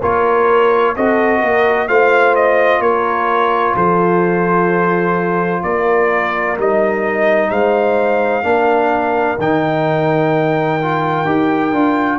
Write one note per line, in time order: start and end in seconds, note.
0.00 0.96 A#3
0.00 0.96 F4
0.00 0.94 A#4
0.00 0.96 C#5
0.95 1.42 C4
0.95 1.88 F#4
0.95 1.40 A4
0.95 1.88 D#5
1.40 1.88 A#3
1.40 1.87 A#4
1.88 2.80 A3
1.88 6.57 F4
1.88 2.81 C5
1.88 2.35 F5
2.35 2.81 D#5
2.80 3.74 A#3
2.80 3.74 A#4
2.80 3.75 C#5
3.74 5.63 F3
3.74 5.62 A4
3.74 5.63 C5
5.63 6.58 A#3
5.63 7.50 A#4
5.63 6.57 D5
6.58 7.50 G3
6.58 8.43 D#4
6.58 7.50 D#5
7.50 8.43 G#3
7.50 8.44 C5
7.50 9.38 F5
8.43 9.37 A#3
8.43 9.37 D4
8.43 12.19 A#4
9.38 11.25 D#3
9.38 10.81 D#4
9.38 12.19 G5
10.82 11.25 F4
11.25 11.72 D#4
11.25 11.72 G4
11.72 12.19 D4
11.72 12.19 F4